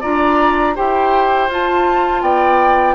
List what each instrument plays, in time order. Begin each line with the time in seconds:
0.00 bassoon D4, clarinet F4, oboe D5, flute A#5
0.74 bassoon E4, clarinet G4, oboe C5, flute G5
1.48 bassoon F4, clarinet F4, flute A5
2.21 bassoon B3, oboe D5, flute G5